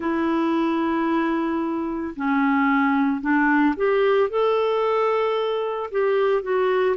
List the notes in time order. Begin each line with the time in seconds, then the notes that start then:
0.00 E4
2.15 C#4
3.21 D4
3.76 G4
4.29 A4
5.91 G4
6.42 F#4